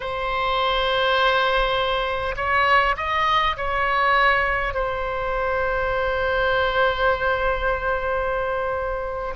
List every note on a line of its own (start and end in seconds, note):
0.00 2.35 C5
2.36 2.95 C#5
2.96 3.56 D#5
3.56 4.74 C#5
4.74 9.34 C5